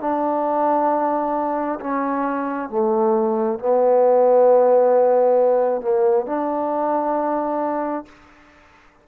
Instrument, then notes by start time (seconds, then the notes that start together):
trombone
0.00 D4
1.80 C#4
2.69 A3
3.59 B3
5.81 A#3
6.26 D4